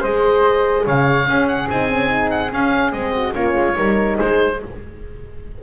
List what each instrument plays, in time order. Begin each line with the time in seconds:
0.00 double bass G#3, horn G#4, flute C5, oboe D#5
0.86 double bass C#3, flute C#5, oboe F5
1.26 horn C#4, double bass C#4, flute G#4
1.47 oboe F#5
1.69 double bass C4, horn D#4, oboe G#5
1.89 horn C#4
2.07 horn D#4
2.30 oboe F#5
2.50 horn C#4, double bass C#4, oboe F5
2.91 double bass G#3, horn C4, oboe D#5
3.12 flute F#4
3.34 double bass A#3, horn C#4, flute F4, oboe C#5
3.55 double bass G#3
3.73 double bass G3, horn D#4, flute A#4
4.15 double bass G#3, flute G#4, oboe C5